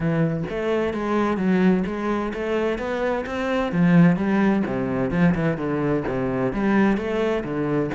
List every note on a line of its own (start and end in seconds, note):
0.00 0.43 E3
0.49 0.93 A3
0.93 1.37 G#3
1.37 1.83 F#3
1.86 2.32 G#3
2.33 2.78 A3
2.78 3.25 B3
3.26 3.72 C4
3.72 4.16 F3
4.16 4.63 G3
4.66 5.11 C3
5.11 5.34 F3
5.34 5.57 E3
5.57 6.03 D3
6.07 6.52 C3
6.52 6.97 G3
6.97 7.43 A3
7.44 7.90 D3